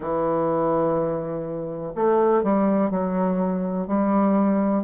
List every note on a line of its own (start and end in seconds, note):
0.00 1.93 E3
1.95 2.43 A3
2.43 2.90 G3
2.90 3.87 F#3
3.87 4.83 G3